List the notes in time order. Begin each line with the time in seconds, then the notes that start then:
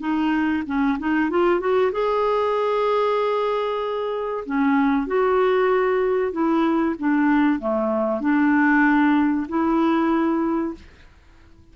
0.00 D#4
0.66 C#4
0.98 D#4
1.30 F4
1.60 F#4
1.92 G#4
4.46 C#4
5.07 F#4
6.32 E4
6.98 D4
7.59 A3
8.20 D4
9.48 E4